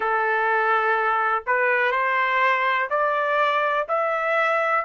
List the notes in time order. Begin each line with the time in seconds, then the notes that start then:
0.00 A4
1.46 B4
1.91 C5
2.90 D5
3.88 E5